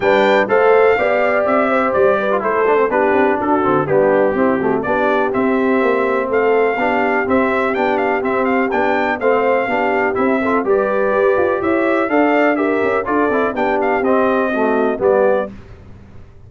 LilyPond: <<
  \new Staff \with { instrumentName = "trumpet" } { \time 4/4 \tempo 4 = 124 g''4 f''2 e''4 | d''4 c''4 b'4 a'4 | g'2 d''4 e''4~ | e''4 f''2 e''4 |
g''8 f''8 e''8 f''8 g''4 f''4~ | f''4 e''4 d''2 | e''4 f''4 e''4 d''4 | g''8 f''8 dis''2 d''4 | }
  \new Staff \with { instrumentName = "horn" } { \time 4/4 b'4 c''4 d''4. c''8~ | c''8 b'8 a'4 g'4 fis'4 | d'4 e'8 fis'8 g'2~ | g'4 a'4 g'2~ |
g'2. c''4 | g'4. a'8 b'2 | cis''4 d''4 ais'4 a'4 | g'2 fis'4 g'4 | }
  \new Staff \with { instrumentName = "trombone" } { \time 4/4 d'4 a'4 g'2~ | g'8. f'16 e'8 d'16 c'16 d'4. c'8 | b4 c'8 a8 d'4 c'4~ | c'2 d'4 c'4 |
d'4 c'4 d'4 c'4 | d'4 e'8 f'8 g'2~ | g'4 a'4 g'4 f'8 e'8 | d'4 c'4 a4 b4 | }
  \new Staff \with { instrumentName = "tuba" } { \time 4/4 g4 a4 b4 c'4 | g4 a4 b8 c'8 d'8 d8 | g4 c'4 b4 c'4 | ais4 a4 b4 c'4 |
b4 c'4 b4 a4 | b4 c'4 g4 g'8 f'8 | e'4 d'4. cis'8 d'8 c'8 | b4 c'2 g4 | }
>>